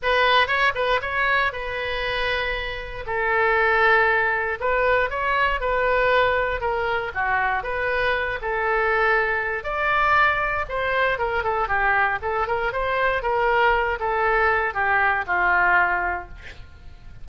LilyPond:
\new Staff \with { instrumentName = "oboe" } { \time 4/4 \tempo 4 = 118 b'4 cis''8 b'8 cis''4 b'4~ | b'2 a'2~ | a'4 b'4 cis''4 b'4~ | b'4 ais'4 fis'4 b'4~ |
b'8 a'2~ a'8 d''4~ | d''4 c''4 ais'8 a'8 g'4 | a'8 ais'8 c''4 ais'4. a'8~ | a'4 g'4 f'2 | }